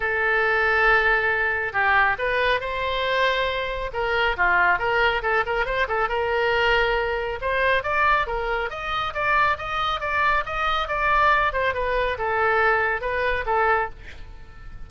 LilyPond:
\new Staff \with { instrumentName = "oboe" } { \time 4/4 \tempo 4 = 138 a'1 | g'4 b'4 c''2~ | c''4 ais'4 f'4 ais'4 | a'8 ais'8 c''8 a'8 ais'2~ |
ais'4 c''4 d''4 ais'4 | dis''4 d''4 dis''4 d''4 | dis''4 d''4. c''8 b'4 | a'2 b'4 a'4 | }